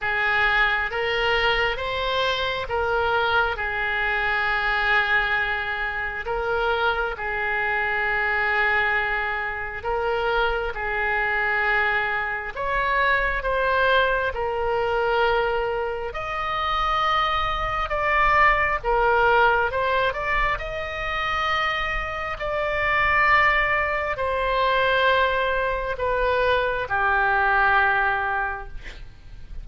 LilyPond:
\new Staff \with { instrumentName = "oboe" } { \time 4/4 \tempo 4 = 67 gis'4 ais'4 c''4 ais'4 | gis'2. ais'4 | gis'2. ais'4 | gis'2 cis''4 c''4 |
ais'2 dis''2 | d''4 ais'4 c''8 d''8 dis''4~ | dis''4 d''2 c''4~ | c''4 b'4 g'2 | }